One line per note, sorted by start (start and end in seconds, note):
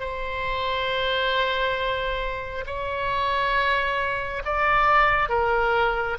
0.00 2.65 C5
2.66 4.43 C#5
4.45 5.29 D5
5.29 6.17 A#4